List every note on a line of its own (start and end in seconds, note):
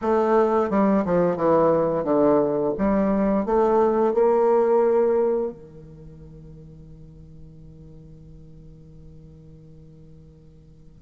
0.01 0.70 A3
0.70 1.04 G3
1.05 1.36 F3
1.36 2.04 E3
2.04 2.73 D3
2.78 3.45 G3
3.45 4.14 A3
4.14 5.52 A#3
5.52 11.01 D#3